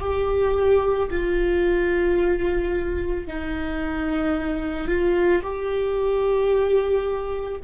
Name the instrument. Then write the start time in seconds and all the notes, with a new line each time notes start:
viola
0.00 G4
1.10 F4
3.27 D#4
4.87 F4
5.42 G4